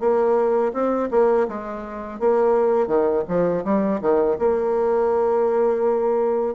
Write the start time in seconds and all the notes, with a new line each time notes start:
0.00 A#3
0.73 C4
1.11 A#3
1.48 G#3
2.19 A#3
2.87 D#3
3.28 F3
3.64 G3
4.01 D#3
4.39 A#3